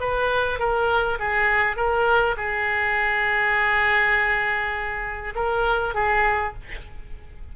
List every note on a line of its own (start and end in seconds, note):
0.00 0.59 B4
0.59 1.19 A#4
1.19 1.76 G#4
1.76 2.36 A#4
2.37 5.34 G#4
5.35 5.94 A#4
5.94 6.54 G#4